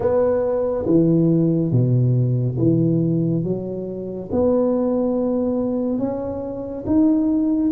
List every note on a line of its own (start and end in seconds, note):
0.00 0.85 B3
0.86 1.71 E3
1.71 2.57 B2
2.58 3.43 E3
3.43 4.29 F#3
4.31 5.98 B3
5.98 6.84 C#4
6.86 7.71 D#4